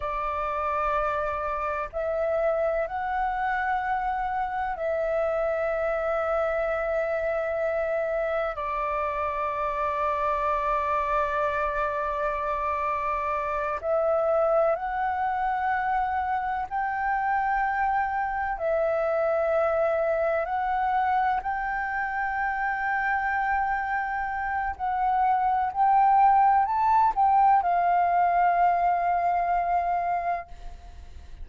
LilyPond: \new Staff \with { instrumentName = "flute" } { \time 4/4 \tempo 4 = 63 d''2 e''4 fis''4~ | fis''4 e''2.~ | e''4 d''2.~ | d''2~ d''8 e''4 fis''8~ |
fis''4. g''2 e''8~ | e''4. fis''4 g''4.~ | g''2 fis''4 g''4 | a''8 g''8 f''2. | }